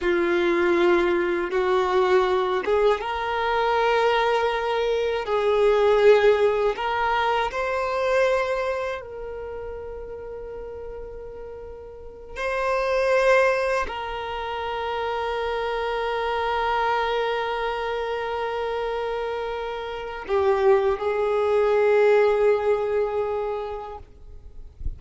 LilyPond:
\new Staff \with { instrumentName = "violin" } { \time 4/4 \tempo 4 = 80 f'2 fis'4. gis'8 | ais'2. gis'4~ | gis'4 ais'4 c''2 | ais'1~ |
ais'8 c''2 ais'4.~ | ais'1~ | ais'2. g'4 | gis'1 | }